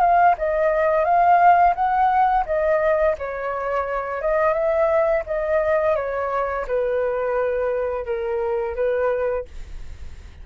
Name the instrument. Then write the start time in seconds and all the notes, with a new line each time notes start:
flute
0.00 F5
0.37 D#5
1.04 F5
1.75 F#5
2.45 D#5
3.18 C#5
4.21 D#5
4.53 E5
5.26 D#5
5.96 C#5
6.67 B4
8.05 A#4
8.75 B4